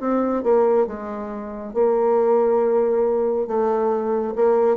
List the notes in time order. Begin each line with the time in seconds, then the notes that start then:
0.00 C4
0.43 A#3
0.87 G#3
1.74 A#3
3.47 A3
4.36 A#3